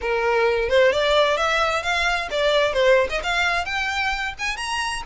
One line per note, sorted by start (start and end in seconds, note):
0.01 0.69 A#4
0.69 0.91 C5
0.91 1.37 D5
1.37 1.82 E5
1.82 2.28 F5
2.30 2.73 D5
2.73 3.07 C5
3.09 3.21 D#5
3.23 3.65 F5
3.65 4.33 G5
4.38 4.56 G#5
4.56 5.02 A#5